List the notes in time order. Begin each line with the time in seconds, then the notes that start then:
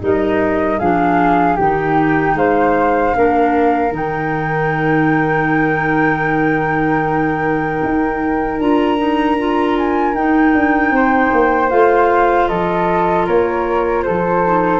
0.00 G3 D#4 A#4 D#5
0.79 F3 D4 G#4 F5
1.56 D#3 D#4 G4 G5
2.34 G#3 C5 F5
3.14 A#3 D4 A#4
3.90 D#3 D#4 G5
7.83 D#4
8.59 D4 F4 A#5
8.97 D#4
9.38 F4
9.77 G#5
10.14 D#4 G5
10.53 D4
10.90 C4 C5
11.32 A#3
11.69 A3 F4 F5
12.48 F3 A4 D#5
13.26 A#3 A#4 C#5
14.03 F3 A4 C5
14.45 D#4